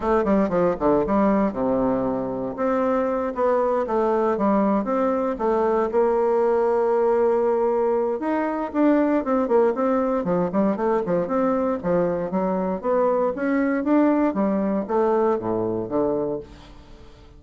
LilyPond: \new Staff \with { instrumentName = "bassoon" } { \time 4/4 \tempo 4 = 117 a8 g8 f8 d8 g4 c4~ | c4 c'4. b4 a8~ | a8 g4 c'4 a4 ais8~ | ais1 |
dis'4 d'4 c'8 ais8 c'4 | f8 g8 a8 f8 c'4 f4 | fis4 b4 cis'4 d'4 | g4 a4 a,4 d4 | }